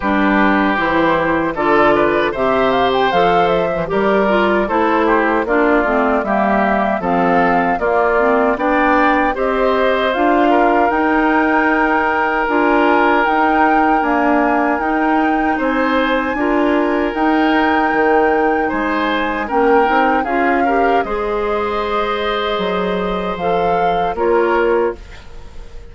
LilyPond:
<<
  \new Staff \with { instrumentName = "flute" } { \time 4/4 \tempo 4 = 77 b'4 c''4 d''4 e''8 f''16 g''16 | f''8 e''8 d''4 c''4 d''4 | e''4 f''4 d''4 g''4 | dis''4 f''4 g''2 |
gis''4 g''4 gis''4 g''4 | gis''2 g''2 | gis''4 g''4 f''4 dis''4~ | dis''2 f''4 cis''4 | }
  \new Staff \with { instrumentName = "oboe" } { \time 4/4 g'2 a'8 b'8 c''4~ | c''4 ais'4 a'8 g'8 f'4 | g'4 a'4 f'4 d''4 | c''4. ais'2~ ais'8~ |
ais'1 | c''4 ais'2. | c''4 ais'4 gis'8 ais'8 c''4~ | c''2. ais'4 | }
  \new Staff \with { instrumentName = "clarinet" } { \time 4/4 d'4 e'4 f'4 g'4 | a'8. e16 g'8 f'8 e'4 d'8 c'8 | ais4 c'4 ais8 c'8 d'4 | g'4 f'4 dis'2 |
f'4 dis'4 ais4 dis'4~ | dis'4 f'4 dis'2~ | dis'4 cis'8 dis'8 f'8 g'8 gis'4~ | gis'2 a'4 f'4 | }
  \new Staff \with { instrumentName = "bassoon" } { \time 4/4 g4 e4 d4 c4 | f4 g4 a4 ais8 a8 | g4 f4 ais4 b4 | c'4 d'4 dis'2 |
d'4 dis'4 d'4 dis'4 | c'4 d'4 dis'4 dis4 | gis4 ais8 c'8 cis'4 gis4~ | gis4 fis4 f4 ais4 | }
>>